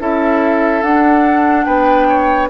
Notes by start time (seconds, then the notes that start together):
0.00 C#4 E4 A4 E5
0.83 D4 F#5
1.65 B3 B4 G5
2.09 C#5